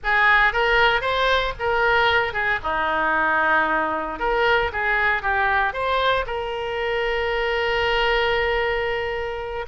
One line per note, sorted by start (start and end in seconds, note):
0.03 0.52 G#4
0.52 1.01 A#4
1.01 1.53 C5
1.59 2.33 A#4
2.33 2.59 G#4
2.63 4.19 D#4
4.19 4.71 A#4
4.72 5.22 G#4
5.22 5.73 G4
5.73 6.25 C5
6.26 9.65 A#4